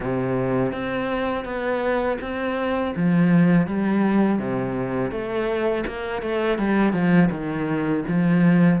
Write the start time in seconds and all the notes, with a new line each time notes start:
0.00 C3
0.72 C4
1.44 B3
2.21 C4
2.96 F3
3.66 G3
4.39 C3
5.11 A3
5.86 A#3
6.22 A3
6.58 G3
6.92 F3
7.30 D#3
8.08 F3